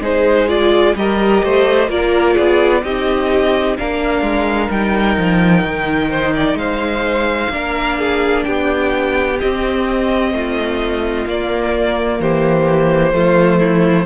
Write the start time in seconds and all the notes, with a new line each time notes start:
0.00 G#3 D#4 G#4 C5
0.48 F4 D5
0.95 G3 G4 A#4 D#5
1.43 A3 C5
1.88 A#3 F4 A#4 D5
2.34 B3 G#4
2.83 C4 D#4 G4 D#5
3.77 A#3 D4 A#4 F5
4.21 G#3
4.70 G3 D#4 G5
5.17 F3
5.63 D#3
6.10 C5
6.34 D5
6.54 G#3 C5 F5
7.49 A#3 D4 A#4
7.99 G#4
8.43 B3 G4 G5
9.40 C4 D#5
10.31 A3 F4
11.26 A#3 D5
12.20 E3 G4 C5
13.12 F3 A3 F4
13.59 E4